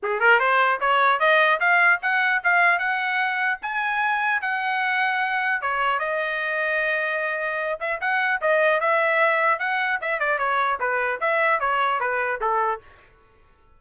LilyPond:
\new Staff \with { instrumentName = "trumpet" } { \time 4/4 \tempo 4 = 150 gis'8 ais'8 c''4 cis''4 dis''4 | f''4 fis''4 f''4 fis''4~ | fis''4 gis''2 fis''4~ | fis''2 cis''4 dis''4~ |
dis''2.~ dis''8 e''8 | fis''4 dis''4 e''2 | fis''4 e''8 d''8 cis''4 b'4 | e''4 cis''4 b'4 a'4 | }